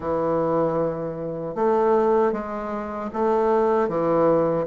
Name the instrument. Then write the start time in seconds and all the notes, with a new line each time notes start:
bassoon
0.00 E3
1.55 A3
2.32 G#3
3.13 A3
3.88 E3